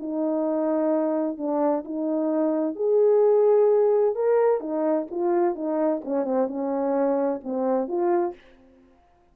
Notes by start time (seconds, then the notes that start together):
0.00 D#4
1.38 D4
1.85 D#4
2.76 G#4
4.16 A#4
4.61 D#4
5.11 F4
5.56 D#4
6.05 C#4
6.25 C4
6.48 C#4
7.44 C4
7.89 F4